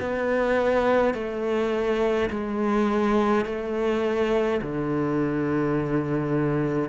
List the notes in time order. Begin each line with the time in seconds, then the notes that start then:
0.00 B3
1.14 A3
2.30 G#3
3.46 A3
4.62 D3